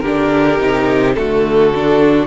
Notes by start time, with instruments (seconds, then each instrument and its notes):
0.00 cello D3, viola D4, violin G4 A#4
0.58 cello C3, viola D#4
1.14 cello D3, viola A3, violin F#4 A4
1.74 viola D4